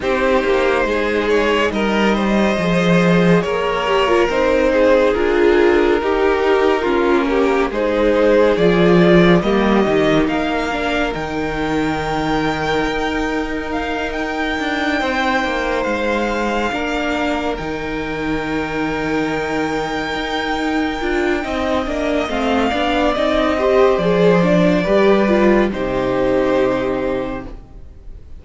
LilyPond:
<<
  \new Staff \with { instrumentName = "violin" } { \time 4/4 \tempo 4 = 70 c''4. cis''8 dis''2 | cis''4 c''4 ais'2~ | ais'4 c''4 d''4 dis''4 | f''4 g''2. |
f''8 g''2 f''4.~ | f''8 g''2.~ g''8~ | g''2 f''4 dis''4 | d''2 c''2 | }
  \new Staff \with { instrumentName = "violin" } { \time 4/4 g'4 gis'4 ais'8 c''4. | ais'4. gis'4. g'4 | f'8 g'8 gis'2 g'4 | ais'1~ |
ais'4. c''2 ais'8~ | ais'1~ | ais'4 dis''4. d''4 c''8~ | c''4 b'4 g'2 | }
  \new Staff \with { instrumentName = "viola" } { \time 4/4 dis'2. gis'4~ | gis'8 g'16 f'16 dis'4 f'4 dis'4 | cis'4 dis'4 f'4 ais8 dis'8~ | dis'8 d'8 dis'2.~ |
dis'2.~ dis'8 d'8~ | d'8 dis'2.~ dis'8~ | dis'8 f'8 dis'8 d'8 c'8 d'8 dis'8 g'8 | gis'8 d'8 g'8 f'8 dis'2 | }
  \new Staff \with { instrumentName = "cello" } { \time 4/4 c'8 ais8 gis4 g4 f4 | ais4 c'4 d'4 dis'4 | ais4 gis4 f4 g8 dis8 | ais4 dis2 dis'4~ |
dis'4 d'8 c'8 ais8 gis4 ais8~ | ais8 dis2. dis'8~ | dis'8 d'8 c'8 ais8 a8 b8 c'4 | f4 g4 c2 | }
>>